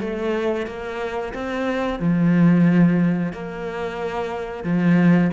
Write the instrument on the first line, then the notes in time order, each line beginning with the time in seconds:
cello
0.00 A3
0.66 A#3
1.34 C4
1.99 F3
3.32 A#3
4.64 F3